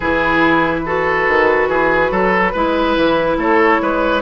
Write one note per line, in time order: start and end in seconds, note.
0.00 1.27 E3
0.00 0.85 E4
0.00 0.80 G#4
0.00 3.38 B4
0.85 2.54 F#4
0.85 1.68 A4
1.27 1.68 D#3
1.68 2.10 E3
1.68 2.11 G#4
2.11 2.53 F#3
2.11 2.52 A4
2.52 2.96 G#3
2.52 4.21 E4
2.52 3.36 B4
2.96 3.37 E3
3.37 3.79 A3
3.37 3.81 A4
3.37 4.21 C#5
3.81 4.21 G#3
3.81 4.21 B4